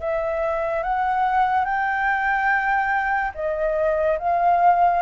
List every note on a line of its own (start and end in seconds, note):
0.00 0.83 E5
0.83 1.65 F#5
1.65 3.32 G5
3.35 4.18 D#5
4.19 5.02 F5